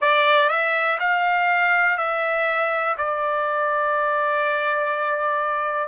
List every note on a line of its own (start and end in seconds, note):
0.00 0.49 D5
0.49 0.98 E5
0.99 1.97 F5
1.97 2.96 E5
2.97 5.88 D5